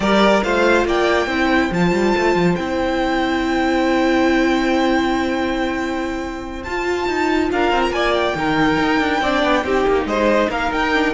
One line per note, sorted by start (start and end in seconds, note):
0.00 0.41 G3
0.00 0.42 G4
0.00 0.44 A#4
0.00 0.43 D5
0.43 0.85 A3
0.43 1.28 F4
0.43 0.86 C5
0.43 0.86 F5
0.85 1.26 A#3
0.85 1.27 D5
0.85 1.73 G5
1.26 1.69 C4
1.26 1.71 E4
1.26 7.49 C5
1.71 1.92 F3
1.71 2.57 F4
1.71 2.55 A5
1.92 2.13 G3
2.17 2.35 A3
2.35 2.56 F3
2.55 6.65 C4
2.55 6.64 E4
2.55 6.62 G5
6.63 7.07 F4
6.63 8.36 F4
6.63 7.49 A5
7.07 7.50 D#4
7.51 7.71 D4
7.51 7.94 A#4
7.51 7.82 F5
7.71 7.90 C4
7.82 7.92 A#5
7.90 8.33 A#3
7.90 8.37 D5
7.90 8.14 G#5
8.14 10.06 G5
8.35 8.78 D#3
8.35 9.21 D#4
8.35 9.21 A#4
8.79 8.99 D#4
8.99 9.21 D4
9.21 9.42 C4
9.21 9.63 D4
9.21 9.64 D5
9.43 9.64 B3
9.63 9.85 C4
9.63 10.91 D#4
9.63 10.07 G4
9.87 10.05 A#3
10.05 10.48 G#3
10.05 10.50 C5
10.05 10.49 D#5
10.49 10.71 A#3
10.49 11.13 A#4
10.49 10.72 F5
10.71 11.13 D#4
10.71 11.13 G5
10.94 11.13 D4